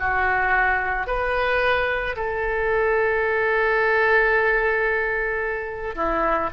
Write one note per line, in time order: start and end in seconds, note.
0.00 1.07 F#4
1.07 2.16 B4
2.16 5.96 A4
5.96 6.50 E4